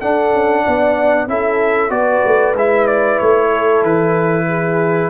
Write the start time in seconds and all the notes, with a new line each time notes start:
0.00 D4 A4 F#5
0.33 C#4
0.65 B3 D5
1.28 C#4 E4 A4 E5
1.90 B3 F#4 B4 D5
2.25 A3
2.54 G#3 E4 E5
2.87 D5
3.19 A3 C#5
3.50 A4
3.83 E3 B4
4.48 G#4